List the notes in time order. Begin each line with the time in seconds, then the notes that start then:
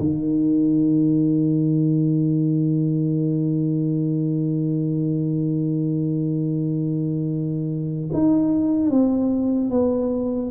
0.00 D#3
8.13 D#4
8.91 C4
9.71 B3